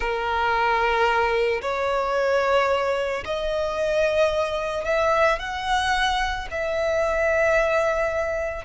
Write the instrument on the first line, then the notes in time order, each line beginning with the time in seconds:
violin
0.00 A#4
1.61 C#5
3.24 D#5
4.85 E5
5.39 F#5
6.50 E5